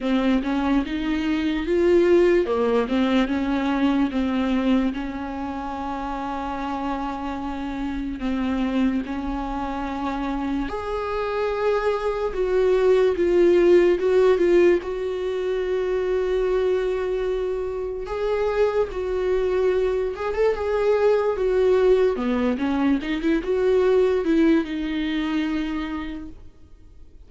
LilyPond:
\new Staff \with { instrumentName = "viola" } { \time 4/4 \tempo 4 = 73 c'8 cis'8 dis'4 f'4 ais8 c'8 | cis'4 c'4 cis'2~ | cis'2 c'4 cis'4~ | cis'4 gis'2 fis'4 |
f'4 fis'8 f'8 fis'2~ | fis'2 gis'4 fis'4~ | fis'8 gis'16 a'16 gis'4 fis'4 b8 cis'8 | dis'16 e'16 fis'4 e'8 dis'2 | }